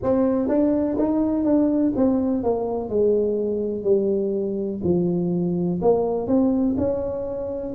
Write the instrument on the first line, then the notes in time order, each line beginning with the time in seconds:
tuba
0.03 C4
0.48 D4
0.98 D#4
1.44 D4
1.96 C4
2.43 A#3
2.89 G#3
3.83 G3
4.83 F3
5.81 A#3
6.27 C4
6.77 C#4